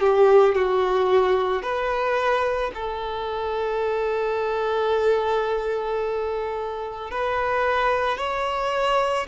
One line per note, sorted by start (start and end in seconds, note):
0.00 0.55 G4
0.55 1.62 F#4
1.62 2.71 B4
2.74 7.10 A4
7.10 8.17 B4
8.17 9.26 C#5